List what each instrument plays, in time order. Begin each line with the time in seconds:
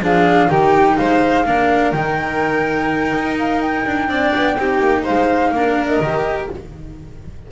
0.00 double bass F3, cello D4, violin G#4, flute F5
0.48 double bass D#3, cello D#4, violin G4, flute G5
0.97 double bass G#3, violin C5, flute F5
1.45 double bass A#3, cello D4, violin A#4
1.92 double bass D#3, cello D#4, flute G5
3.13 double bass D#4
3.38 flute F5
3.61 flute G5
3.85 double bass D4
4.08 double bass C4, cello D4, violin D5
4.35 double bass B3
4.57 double bass C4, cello D#4, violin G4
4.80 double bass A#3
5.03 double bass G#3, violin C5, flute F5
5.51 double bass A#3, cello D4, violin A#4
5.86 flute D#5
6.00 double bass D#3, cello G4